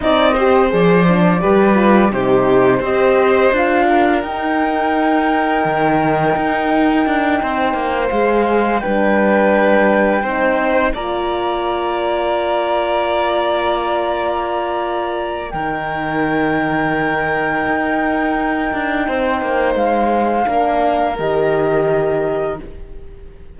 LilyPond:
<<
  \new Staff \with { instrumentName = "flute" } { \time 4/4 \tempo 4 = 85 dis''4 d''2 c''4 | dis''4 f''4 g''2~ | g''2.~ g''8 f''8~ | f''8 g''2. ais''8~ |
ais''1~ | ais''2 g''2~ | g''1 | f''2 dis''2 | }
  \new Staff \with { instrumentName = "violin" } { \time 4/4 d''8 c''4. b'4 g'4 | c''4. ais'2~ ais'8~ | ais'2~ ais'8 c''4.~ | c''8 b'2 c''4 d''8~ |
d''1~ | d''2 ais'2~ | ais'2. c''4~ | c''4 ais'2. | }
  \new Staff \with { instrumentName = "horn" } { \time 4/4 dis'8 g'8 gis'8 d'8 g'8 f'8 dis'4 | g'4 f'4 dis'2~ | dis'2.~ dis'8 gis'8~ | gis'8 d'2 dis'4 f'8~ |
f'1~ | f'2 dis'2~ | dis'1~ | dis'4 d'4 g'2 | }
  \new Staff \with { instrumentName = "cello" } { \time 4/4 c'4 f4 g4 c4 | c'4 d'4 dis'2 | dis4 dis'4 d'8 c'8 ais8 gis8~ | gis8 g2 c'4 ais8~ |
ais1~ | ais2 dis2~ | dis4 dis'4. d'8 c'8 ais8 | gis4 ais4 dis2 | }
>>